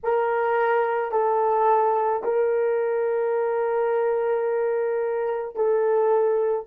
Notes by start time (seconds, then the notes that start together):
0.03 A#4
1.11 A4
2.23 A#4
5.55 A4